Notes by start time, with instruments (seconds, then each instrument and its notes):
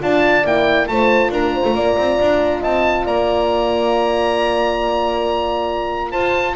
0.00 double bass D4, horn F4 D5, oboe A5
0.44 double bass A#3, horn E4, oboe G5
0.88 double bass A3, horn F4 C5, oboe A5
1.30 double bass D4, horn A#4, oboe A#5
1.54 horn C5
1.65 double bass A3
1.75 double bass A#3, horn D5
1.98 double bass C4
2.21 double bass D4
2.61 double bass C4, horn D#5, oboe A5
3.05 double bass A#3, horn D5, oboe A#5
6.11 double bass F4, horn C5, oboe A5